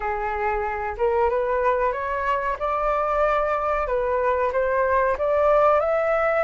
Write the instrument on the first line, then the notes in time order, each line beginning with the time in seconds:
flute
0.00 G#4
0.97 A#4
1.29 B4
1.92 C#5
2.59 D5
3.87 B4
4.52 C5
5.18 D5
5.79 E5